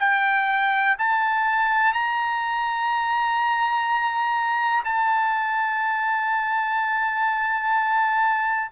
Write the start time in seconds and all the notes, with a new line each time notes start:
0.00 G5
0.99 A5
1.94 A#5
4.85 A5